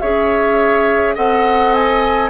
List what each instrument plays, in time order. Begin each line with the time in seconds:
0.00 bassoon C#4, clarinet G#4, oboe C#5, flute E5
1.15 bassoon C4, clarinet A4, oboe D#5, flute F#5
1.74 flute G#5